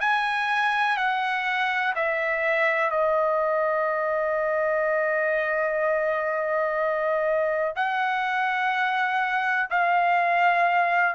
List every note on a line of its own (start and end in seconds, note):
0.00 0.97 G#5
0.97 1.94 F#5
1.95 2.90 E5
2.90 7.74 D#5
7.76 9.70 F#5
9.70 11.15 F5